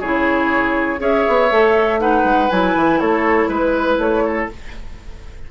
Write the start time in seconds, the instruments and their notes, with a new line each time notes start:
0.00 bassoon C#3, clarinet E4, oboe G#4, flute C#5
0.98 bassoon C#4, clarinet G#4, oboe C#5, flute E5
1.28 bassoon B3
1.50 bassoon A3, clarinet A4
1.99 clarinet D#4, oboe B4, flute F#5
2.24 bassoon G#3
2.50 bassoon F#3, clarinet E4, flute G#5
2.75 bassoon E3
2.99 bassoon A3, oboe A4, flute C#5
3.48 bassoon G#3, oboe B4, flute B4
3.98 bassoon A3, flute C#5
4.25 oboe A4